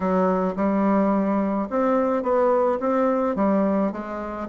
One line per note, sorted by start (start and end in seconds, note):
0.00 0.54 F#3
0.56 1.68 G3
1.69 2.23 C4
2.23 2.79 B3
2.79 3.35 C4
3.35 3.92 G3
3.92 4.48 G#3